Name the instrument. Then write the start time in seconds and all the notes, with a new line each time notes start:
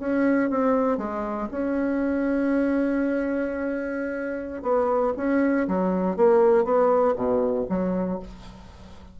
bassoon
0.00 C#4
0.50 C4
0.98 G#3
1.51 C#4
4.63 B3
5.17 C#4
5.68 F#3
6.17 A#3
6.65 B3
7.16 B2
7.70 F#3